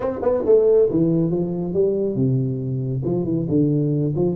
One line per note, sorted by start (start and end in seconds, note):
0.00 0.19 C4
0.22 0.43 B3
0.45 0.89 A3
0.90 1.30 E3
1.30 1.73 F3
1.73 2.15 G3
2.15 3.02 C3
3.04 3.24 F3
3.24 3.46 E3
3.48 4.14 D3
4.15 4.36 F3